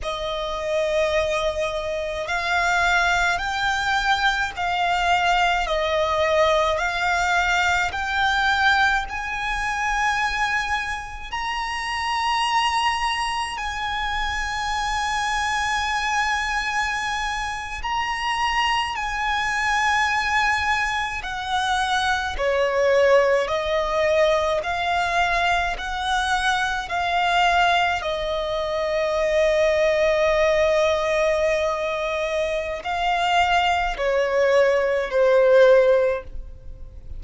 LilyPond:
\new Staff \with { instrumentName = "violin" } { \time 4/4 \tempo 4 = 53 dis''2 f''4 g''4 | f''4 dis''4 f''4 g''4 | gis''2 ais''2 | gis''2.~ gis''8. ais''16~ |
ais''8. gis''2 fis''4 cis''16~ | cis''8. dis''4 f''4 fis''4 f''16~ | f''8. dis''2.~ dis''16~ | dis''4 f''4 cis''4 c''4 | }